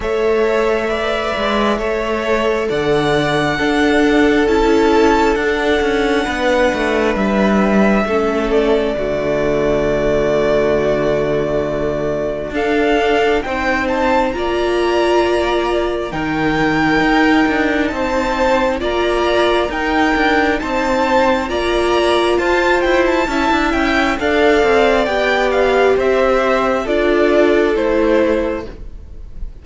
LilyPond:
<<
  \new Staff \with { instrumentName = "violin" } { \time 4/4 \tempo 4 = 67 e''2. fis''4~ | fis''4 a''4 fis''2 | e''4. d''2~ d''8~ | d''2 f''4 g''8 a''8 |
ais''2 g''2 | a''4 ais''4 g''4 a''4 | ais''4 a''8 g''16 a''8. g''8 f''4 | g''8 f''8 e''4 d''4 c''4 | }
  \new Staff \with { instrumentName = "violin" } { \time 4/4 cis''4 d''4 cis''4 d''4 | a'2. b'4~ | b'4 a'4 fis'2~ | fis'2 a'4 c''4 |
d''2 ais'2 | c''4 d''4 ais'4 c''4 | d''4 c''4 e''4 d''4~ | d''4 c''4 a'2 | }
  \new Staff \with { instrumentName = "viola" } { \time 4/4 a'4 b'4 a'2 | d'4 e'4 d'2~ | d'4 cis'4 a2~ | a2 d'4 dis'4 |
f'2 dis'2~ | dis'4 f'4 dis'2 | f'2 e'4 a'4 | g'2 f'4 e'4 | }
  \new Staff \with { instrumentName = "cello" } { \time 4/4 a4. gis8 a4 d4 | d'4 cis'4 d'8 cis'8 b8 a8 | g4 a4 d2~ | d2 d'4 c'4 |
ais2 dis4 dis'8 d'8 | c'4 ais4 dis'8 d'8 c'4 | ais4 f'8 e'8 cis'16 d'16 cis'8 d'8 c'8 | b4 c'4 d'4 a4 | }
>>